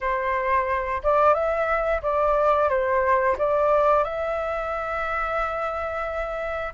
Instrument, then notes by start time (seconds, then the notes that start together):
flute
0.01 C5
1.03 D5
1.33 E5
2.02 D5
2.69 C5
3.38 D5
4.04 E5